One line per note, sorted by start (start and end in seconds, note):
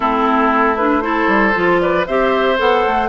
0.00 1.27 A3
0.00 0.77 C4
0.00 1.03 E4
0.00 0.76 A4
0.76 1.02 D4
0.76 1.01 B4
1.01 1.53 E4
1.01 1.81 A4
1.01 1.78 C5
1.27 1.53 G3
1.54 2.07 F3
1.54 2.05 F4
1.80 2.06 B4
1.80 2.06 D5
2.06 2.59 C4
2.06 2.56 G4
2.06 3.09 C5
2.06 2.58 E5
2.56 2.85 B3
2.56 3.08 A4
2.56 3.09 F#5
2.85 3.09 A3